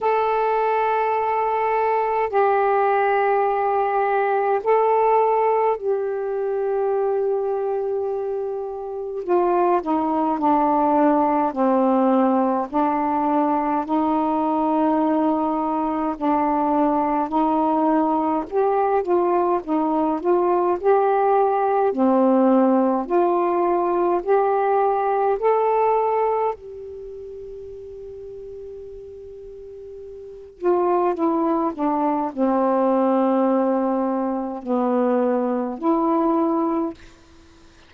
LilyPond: \new Staff \with { instrumentName = "saxophone" } { \time 4/4 \tempo 4 = 52 a'2 g'2 | a'4 g'2. | f'8 dis'8 d'4 c'4 d'4 | dis'2 d'4 dis'4 |
g'8 f'8 dis'8 f'8 g'4 c'4 | f'4 g'4 a'4 g'4~ | g'2~ g'8 f'8 e'8 d'8 | c'2 b4 e'4 | }